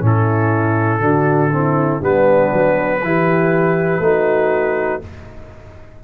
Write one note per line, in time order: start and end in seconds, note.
0.00 1.00 A2
0.00 1.00 C#4
0.00 1.01 E4
0.00 2.04 A4
1.00 2.00 D3
1.00 1.50 D4
1.00 1.51 F#4
1.52 2.01 C4
1.52 2.00 E4
2.00 2.51 G3
2.00 3.01 B3
2.00 3.00 D4
2.00 5.04 B4
2.53 3.03 F#3
3.03 3.99 E3
3.03 4.02 E4
3.03 4.03 G4
3.99 4.99 A3
3.99 5.02 D#4
3.99 5.03 F#4